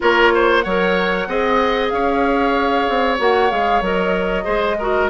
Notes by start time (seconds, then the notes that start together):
0.00 A#3 F4 A#4 C#5
0.34 C5
0.60 F#3 C#5 F#5
0.66 A#4
1.27 C4 G#4 D#5
1.89 C#4 C#5 F5
2.88 C4
3.18 A#3 F#4 F#5
3.49 G#3 G#4 F5
3.81 F#3 A#4 D#5
4.44 G#3 G#4 C5
4.79 F#4 A#4